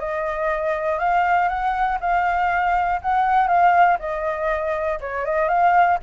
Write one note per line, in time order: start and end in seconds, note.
0.00 0.99 D#5
0.99 1.48 F5
1.48 1.98 F#5
2.01 3.01 F5
3.02 3.48 F#5
3.48 3.98 F5
4.00 5.00 D#5
5.01 5.25 C#5
5.25 5.49 D#5
5.49 5.99 F5